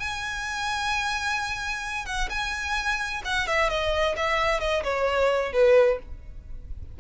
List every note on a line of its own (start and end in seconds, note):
0.00 2.06 G#5
2.06 2.29 F#5
2.30 3.22 G#5
3.25 3.47 F#5
3.47 3.70 E5
3.70 4.16 D#5
4.17 4.60 E5
4.60 4.84 D#5
4.84 5.53 C#5
5.53 5.99 B4